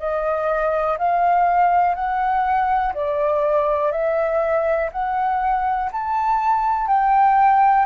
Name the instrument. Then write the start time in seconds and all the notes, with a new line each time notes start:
flute
0.00 D#5
0.99 F5
1.95 F#5
2.94 D5
3.92 E5
4.92 F#5
5.92 A5
6.88 G5